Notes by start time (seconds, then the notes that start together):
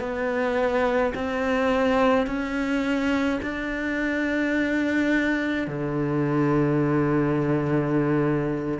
0.00 B3
1.15 C4
2.27 C#4
3.42 D4
5.68 D3